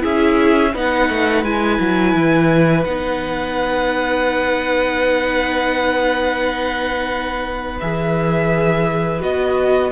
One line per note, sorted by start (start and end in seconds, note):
0.00 0.75 C#4
0.00 0.71 E4
0.00 0.72 G#4
0.00 0.75 E5
0.73 1.09 B3
0.73 1.45 D#4
0.73 9.91 B4
0.73 1.45 F#5
1.09 1.44 A3
1.44 1.79 G#3
1.44 2.86 E4
1.44 2.85 G#5
1.80 2.15 F#3
2.15 2.85 E3
2.85 7.80 B3
2.85 7.81 D#4
2.85 7.79 F#5
7.81 9.22 E3
7.81 9.20 G#4
7.81 9.22 E5
9.20 9.92 B3
9.20 9.91 F#4
9.20 9.92 D#5